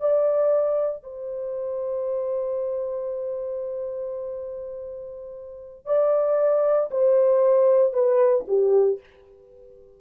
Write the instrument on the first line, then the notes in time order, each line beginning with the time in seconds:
horn
0.00 D5
1.03 C5
5.86 D5
6.91 C5
7.93 B4
8.48 G4